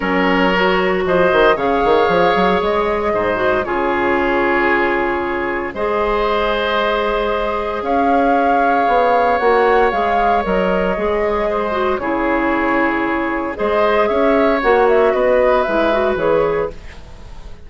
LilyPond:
<<
  \new Staff \with { instrumentName = "flute" } { \time 4/4 \tempo 4 = 115 cis''2 dis''4 f''4~ | f''4 dis''2 cis''4~ | cis''2. dis''4~ | dis''2. f''4~ |
f''2 fis''4 f''4 | dis''2. cis''4~ | cis''2 dis''4 e''4 | fis''8 e''8 dis''4 e''4 cis''4 | }
  \new Staff \with { instrumentName = "oboe" } { \time 4/4 ais'2 c''4 cis''4~ | cis''2 c''4 gis'4~ | gis'2. c''4~ | c''2. cis''4~ |
cis''1~ | cis''2 c''4 gis'4~ | gis'2 c''4 cis''4~ | cis''4 b'2. | }
  \new Staff \with { instrumentName = "clarinet" } { \time 4/4 cis'4 fis'2 gis'4~ | gis'2~ gis'8 fis'8 f'4~ | f'2. gis'4~ | gis'1~ |
gis'2 fis'4 gis'4 | ais'4 gis'4. fis'8 e'4~ | e'2 gis'2 | fis'2 e'8 fis'8 gis'4 | }
  \new Staff \with { instrumentName = "bassoon" } { \time 4/4 fis2 f8 dis8 cis8 dis8 | f8 fis8 gis4 gis,4 cis4~ | cis2. gis4~ | gis2. cis'4~ |
cis'4 b4 ais4 gis4 | fis4 gis2 cis4~ | cis2 gis4 cis'4 | ais4 b4 gis4 e4 | }
>>